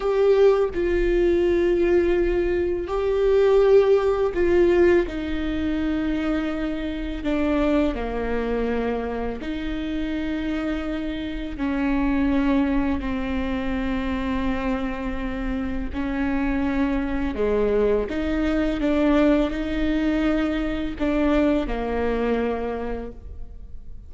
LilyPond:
\new Staff \with { instrumentName = "viola" } { \time 4/4 \tempo 4 = 83 g'4 f'2. | g'2 f'4 dis'4~ | dis'2 d'4 ais4~ | ais4 dis'2. |
cis'2 c'2~ | c'2 cis'2 | gis4 dis'4 d'4 dis'4~ | dis'4 d'4 ais2 | }